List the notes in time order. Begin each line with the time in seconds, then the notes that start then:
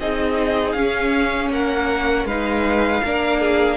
0.00 C4 D#4 G#4 D#5
0.73 C#4 F5
1.50 A#3 A#4 F#5
2.25 G#3 D#4 B4 F5
3.04 A#3 D4 A#4
3.41 G#4